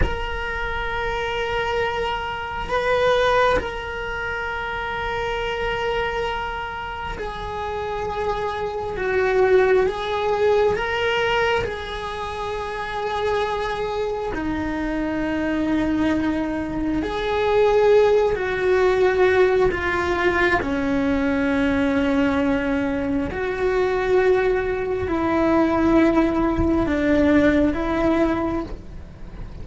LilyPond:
\new Staff \with { instrumentName = "cello" } { \time 4/4 \tempo 4 = 67 ais'2. b'4 | ais'1 | gis'2 fis'4 gis'4 | ais'4 gis'2. |
dis'2. gis'4~ | gis'8 fis'4. f'4 cis'4~ | cis'2 fis'2 | e'2 d'4 e'4 | }